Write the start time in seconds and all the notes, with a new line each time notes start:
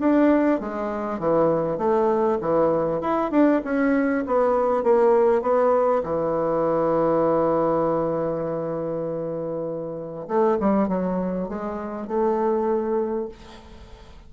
0.00 D4
0.60 G#3
1.19 E3
1.78 A3
2.41 E3
3.01 E4
3.31 D4
3.64 C#4
4.27 B3
4.83 A#3
5.42 B3
6.03 E3
10.28 A3
10.60 G3
10.88 F#3
11.48 G#3
12.07 A3